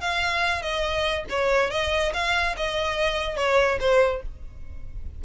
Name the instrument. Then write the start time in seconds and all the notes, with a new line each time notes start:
violin
0.00 F5
0.61 D#5
1.29 C#5
1.70 D#5
2.13 F5
2.56 D#5
3.36 C#5
3.80 C5